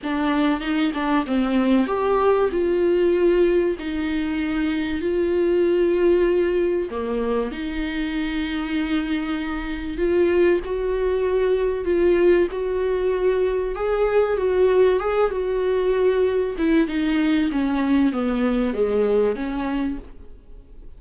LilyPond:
\new Staff \with { instrumentName = "viola" } { \time 4/4 \tempo 4 = 96 d'4 dis'8 d'8 c'4 g'4 | f'2 dis'2 | f'2. ais4 | dis'1 |
f'4 fis'2 f'4 | fis'2 gis'4 fis'4 | gis'8 fis'2 e'8 dis'4 | cis'4 b4 gis4 cis'4 | }